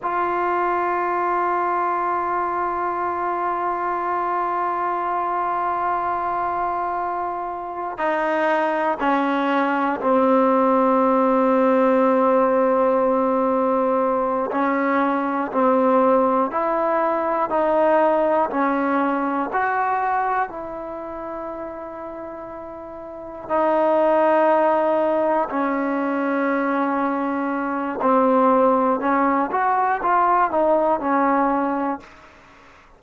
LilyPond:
\new Staff \with { instrumentName = "trombone" } { \time 4/4 \tempo 4 = 60 f'1~ | f'1 | dis'4 cis'4 c'2~ | c'2~ c'8 cis'4 c'8~ |
c'8 e'4 dis'4 cis'4 fis'8~ | fis'8 e'2. dis'8~ | dis'4. cis'2~ cis'8 | c'4 cis'8 fis'8 f'8 dis'8 cis'4 | }